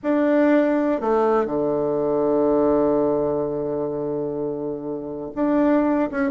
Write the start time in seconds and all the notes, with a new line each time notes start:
0.03 D4
1.01 A3
1.46 D3
5.35 D4
6.11 C#4